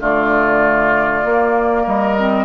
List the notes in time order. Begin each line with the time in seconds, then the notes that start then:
0.00 D3 A3 F4 D5
1.24 A#3
1.84 G3 A#4 D#5
2.19 C4